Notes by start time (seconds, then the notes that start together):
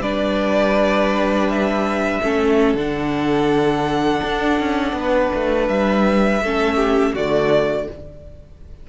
0.00 G3 D4 B4 D5
1.49 E5
2.23 A3 C#4 A4
2.74 D3 D4 F#5
4.23 D4
4.60 C#4
4.93 B3 B4
5.34 A3
5.68 G3 E5
6.41 A3 C#4 A4
6.76 G4
7.14 D3 A3 F#4 D5